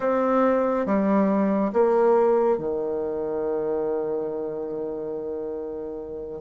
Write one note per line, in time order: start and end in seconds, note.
0.00 0.86 C4
0.86 1.71 G3
1.73 2.58 A#3
2.58 6.41 D#3